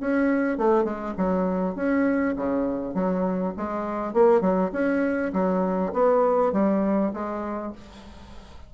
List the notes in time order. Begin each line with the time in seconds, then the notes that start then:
0.00 C#4
0.58 A3
0.84 G#3
1.17 F#3
1.76 C#4
2.36 C#3
2.94 F#3
3.57 G#3
4.13 A#3
4.41 F#3
4.73 C#4
5.33 F#3
5.93 B3
6.53 G3
7.13 G#3